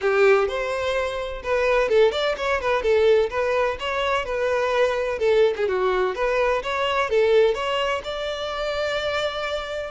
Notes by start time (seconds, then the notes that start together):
0.01 G4
0.47 C5
1.43 B4
1.89 A4
2.11 D5
2.37 C#5
2.60 B4
2.82 A4
3.30 B4
3.79 C#5
4.25 B4
5.18 A4
5.56 G#4
5.68 F#4
6.15 B4
6.62 C#5
7.09 A4
7.54 C#5
8.04 D5